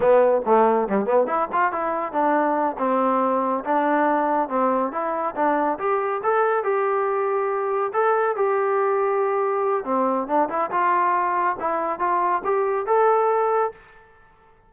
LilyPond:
\new Staff \with { instrumentName = "trombone" } { \time 4/4 \tempo 4 = 140 b4 a4 g8 b8 e'8 f'8 | e'4 d'4. c'4.~ | c'8 d'2 c'4 e'8~ | e'8 d'4 g'4 a'4 g'8~ |
g'2~ g'8 a'4 g'8~ | g'2. c'4 | d'8 e'8 f'2 e'4 | f'4 g'4 a'2 | }